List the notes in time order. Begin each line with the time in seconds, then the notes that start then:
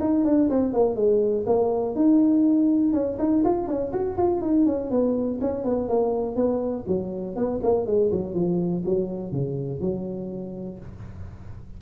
0.00 D#4
0.24 D4
0.49 C4
0.73 A#3
0.95 G#3
1.46 A#3
1.95 D#4
2.93 C#4
3.18 D#4
3.44 F4
3.68 C#4
3.92 F#4
4.17 F4
4.41 D#4
4.66 C#4
4.90 B3
5.41 C#4
5.64 B3
5.88 A#3
6.36 B3
6.87 F#3
7.35 B3
7.63 A#3
7.86 G#3
8.11 F#3
8.34 F3
8.85 F#3
9.31 C#3
9.80 F#3